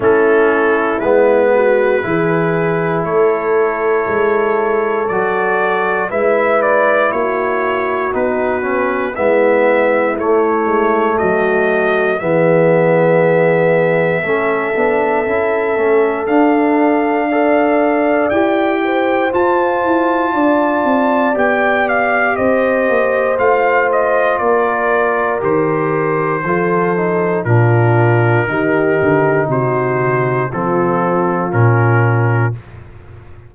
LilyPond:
<<
  \new Staff \with { instrumentName = "trumpet" } { \time 4/4 \tempo 4 = 59 a'4 b'2 cis''4~ | cis''4 d''4 e''8 d''8 cis''4 | b'4 e''4 cis''4 dis''4 | e''1 |
f''2 g''4 a''4~ | a''4 g''8 f''8 dis''4 f''8 dis''8 | d''4 c''2 ais'4~ | ais'4 c''4 a'4 ais'4 | }
  \new Staff \with { instrumentName = "horn" } { \time 4/4 e'4. fis'8 gis'4 a'4~ | a'2 b'4 fis'4~ | fis'4 e'2 fis'4 | gis'2 a'2~ |
a'4 d''4. c''4. | d''2 c''2 | ais'2 a'4 f'4 | g'4 fis'4 f'2 | }
  \new Staff \with { instrumentName = "trombone" } { \time 4/4 cis'4 b4 e'2~ | e'4 fis'4 e'2 | dis'8 cis'8 b4 a2 | b2 cis'8 d'8 e'8 cis'8 |
d'4 a'4 g'4 f'4~ | f'4 g'2 f'4~ | f'4 g'4 f'8 dis'8 d'4 | dis'2 c'4 cis'4 | }
  \new Staff \with { instrumentName = "tuba" } { \time 4/4 a4 gis4 e4 a4 | gis4 fis4 gis4 ais4 | b4 gis4 a8 gis8 fis4 | e2 a8 b8 cis'8 a8 |
d'2 e'4 f'8 e'8 | d'8 c'8 b4 c'8 ais8 a4 | ais4 dis4 f4 ais,4 | dis8 d8 c4 f4 ais,4 | }
>>